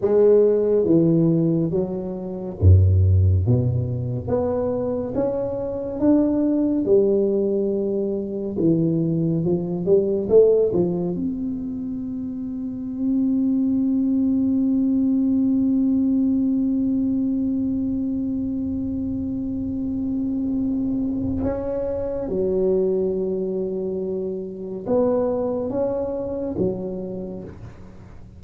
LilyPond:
\new Staff \with { instrumentName = "tuba" } { \time 4/4 \tempo 4 = 70 gis4 e4 fis4 fis,4 | b,4 b4 cis'4 d'4 | g2 e4 f8 g8 | a8 f8 c'2.~ |
c'1~ | c'1~ | c'4 cis'4 fis2~ | fis4 b4 cis'4 fis4 | }